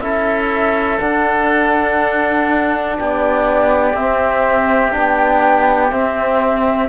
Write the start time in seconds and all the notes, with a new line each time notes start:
0.00 C#4 E4 A4 E5
0.99 D4 F#5
2.98 B3 G4 D5
3.94 C4 E5
4.91 B3 D4 G5
5.91 C4 E5